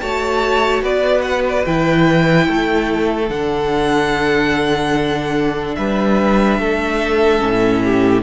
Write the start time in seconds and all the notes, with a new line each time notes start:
0.00 A3 F#4 C#5 A5
0.83 B3 B4 D5
1.22 F#5
1.49 D5
1.66 E3 E4 G5
2.48 A3 A4
3.28 D3 D4 F#5
5.75 G3 B4 E5
6.59 A3 A4
7.39 A2 C#4
7.84 G4